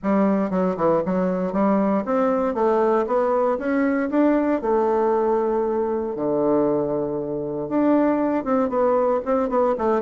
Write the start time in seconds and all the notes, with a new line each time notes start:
0.02 G3
0.50 F#3
0.76 E3
1.05 F#3
1.52 G3
2.05 C4
2.54 A3
3.07 B3
3.58 C#4
4.10 D4
4.61 A3
6.15 D3
7.68 D4
8.44 C4
8.69 B3
9.25 C4
9.49 B3
9.77 A3